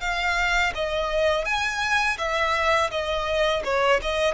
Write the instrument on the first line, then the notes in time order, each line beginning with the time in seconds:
violin
0.00 F5
0.74 D#5
1.45 G#5
2.18 E5
2.90 D#5
3.64 C#5
4.02 D#5